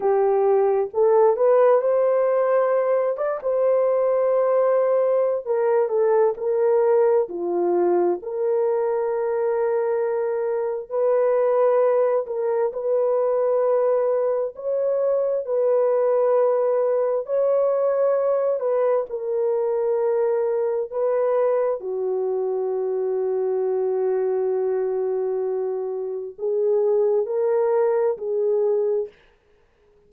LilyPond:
\new Staff \with { instrumentName = "horn" } { \time 4/4 \tempo 4 = 66 g'4 a'8 b'8 c''4. d''16 c''16~ | c''2 ais'8 a'8 ais'4 | f'4 ais'2. | b'4. ais'8 b'2 |
cis''4 b'2 cis''4~ | cis''8 b'8 ais'2 b'4 | fis'1~ | fis'4 gis'4 ais'4 gis'4 | }